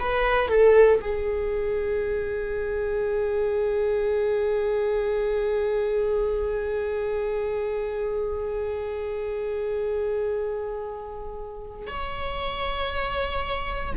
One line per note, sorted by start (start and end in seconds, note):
0.00 0.49 B4
0.49 1.01 A4
1.02 11.88 G#4
11.88 13.95 C#5